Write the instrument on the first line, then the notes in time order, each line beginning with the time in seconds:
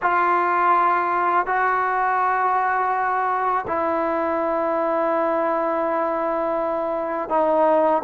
trombone
0.02 F4
1.46 F#4
3.67 E4
7.29 D#4